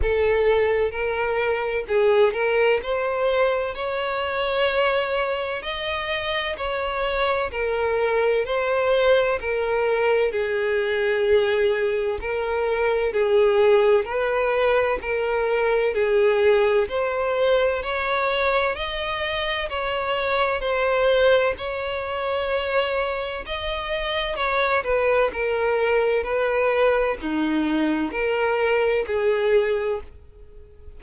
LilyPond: \new Staff \with { instrumentName = "violin" } { \time 4/4 \tempo 4 = 64 a'4 ais'4 gis'8 ais'8 c''4 | cis''2 dis''4 cis''4 | ais'4 c''4 ais'4 gis'4~ | gis'4 ais'4 gis'4 b'4 |
ais'4 gis'4 c''4 cis''4 | dis''4 cis''4 c''4 cis''4~ | cis''4 dis''4 cis''8 b'8 ais'4 | b'4 dis'4 ais'4 gis'4 | }